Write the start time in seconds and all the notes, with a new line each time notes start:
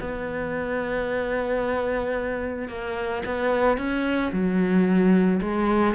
0.00 B3
2.69 A#3
3.26 B3
3.78 C#4
4.32 F#3
5.41 G#3